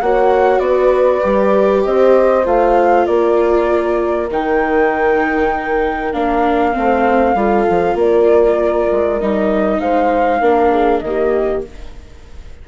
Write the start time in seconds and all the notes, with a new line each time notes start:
0.00 A#3 F#4 C#5 F#5
0.59 B3 B4 D5
1.20 G3 G4
1.84 C4 C5 D#5
2.44 A3 F4 F5
3.05 A#3 A#4 D5
4.30 D#3 D#4 G5
6.13 A#3 D4 F5
6.72 A3 C4 C5
7.34 G3 F4 A4
7.69 F3
7.94 A#3 A#4 D5
8.91 G#3
9.19 G3 D#4 D#5
9.79 G#3 C5 F5
10.40 A#3 D4 A#4
10.71 G#4
10.99 D#3 A#3 D#5
11.06 G4